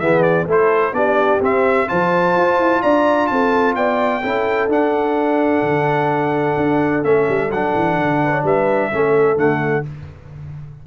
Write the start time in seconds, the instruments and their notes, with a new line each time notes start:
0.00 tuba E3, trombone B3, horn G#4, trumpet E5
0.22 trumpet D5
0.47 tuba A3, trombone E4, horn A4, trumpet C5
0.93 tuba B3, trombone D4, horn G4, trumpet D5
1.40 tuba C4, trombone C4, trumpet E5
1.88 tuba F3, trombone F4, horn C5, trumpet A5
2.37 tuba F4
2.59 tuba E4
2.82 tuba D4, horn D5, trumpet A#5
3.27 tuba C4, horn A4, trumpet A5
3.76 tuba B3, horn D5, trumpet G5
4.23 tuba C#4, trombone E4, horn A4
4.68 tuba D4, trombone D4, trumpet F#5
5.63 tuba D3
6.57 tuba D4
7.04 tuba A3, trombone C#4, trumpet E5
7.29 tuba G3
7.51 tuba F#3, trombone D4, trumpet F#5
7.75 tuba E3
7.98 tuba D3
8.24 horn B4
8.32 horn C#5
8.43 tuba G3, horn B4, trumpet E5
8.92 tuba A3, trombone C#4, horn A4
9.36 tuba D3, trombone A3, trumpet F#5